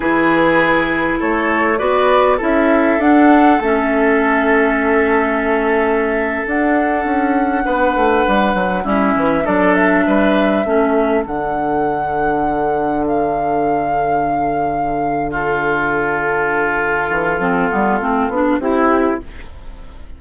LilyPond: <<
  \new Staff \with { instrumentName = "flute" } { \time 4/4 \tempo 4 = 100 b'2 cis''4 d''4 | e''4 fis''4 e''2~ | e''2~ e''8. fis''4~ fis''16~ | fis''2~ fis''8. e''4 d''16~ |
d''16 e''2~ e''8 fis''4~ fis''16~ | fis''4.~ fis''16 f''2~ f''16~ | f''4. a'2~ a'8~ | a'2. g'4 | }
  \new Staff \with { instrumentName = "oboe" } { \time 4/4 gis'2 a'4 b'4 | a'1~ | a'1~ | a'8. b'2 e'4 a'16~ |
a'8. b'4 a'2~ a'16~ | a'1~ | a'4. f'2~ f'8~ | f'2. e'4 | }
  \new Staff \with { instrumentName = "clarinet" } { \time 4/4 e'2. fis'4 | e'4 d'4 cis'2~ | cis'2~ cis'8. d'4~ d'16~ | d'2~ d'8. cis'4 d'16~ |
d'4.~ d'16 cis'4 d'4~ d'16~ | d'1~ | d'1~ | d'4 c'8 b8 c'8 d'8 e'4 | }
  \new Staff \with { instrumentName = "bassoon" } { \time 4/4 e2 a4 b4 | cis'4 d'4 a2~ | a2~ a8. d'4 cis'16~ | cis'8. b8 a8 g8 fis8 g8 e8 fis16~ |
fis8. g4 a4 d4~ d16~ | d1~ | d1~ | d8 e8 f8 g8 a8 b8 c'4 | }
>>